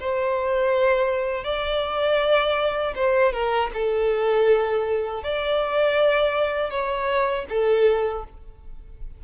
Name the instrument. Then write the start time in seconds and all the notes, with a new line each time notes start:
violin
0.00 C5
1.44 D5
2.96 C5
3.33 A#4
3.74 A4
5.23 D5
6.71 C#5
7.49 A4